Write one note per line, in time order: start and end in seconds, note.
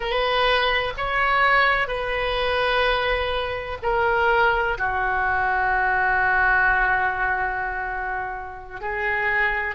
0.00 0.93 B4
0.97 1.87 C#5
1.87 3.77 B4
3.82 4.77 A#4
4.78 8.81 F#4
8.81 9.74 G#4